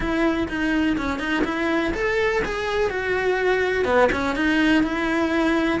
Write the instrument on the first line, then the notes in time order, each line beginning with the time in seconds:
cello
0.00 E4
0.48 D#4
0.97 C#4
1.19 D#4
1.44 E4
1.94 A4
2.45 G#4
2.89 F#4
3.85 B3
4.12 C#4
4.35 D#4
4.83 E4